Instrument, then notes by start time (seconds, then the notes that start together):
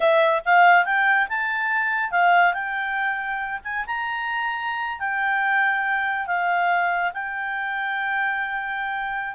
clarinet
0.00 E5
0.45 F5
0.85 G5
1.29 A5
2.11 F5
2.53 G5
3.64 G#5
3.86 A#5
4.99 G5
6.27 F5
7.13 G5